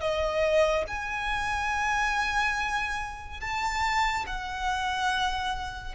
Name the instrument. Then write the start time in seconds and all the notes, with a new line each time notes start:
violin
0.00 D#5
0.87 G#5
3.41 A5
4.26 F#5